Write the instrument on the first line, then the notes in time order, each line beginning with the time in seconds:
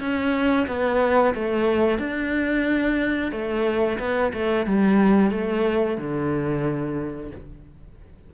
cello
0.00 C#4
0.68 B3
1.35 A3
1.99 D4
3.32 A3
3.99 B3
4.34 A3
4.66 G3
5.31 A3
5.98 D3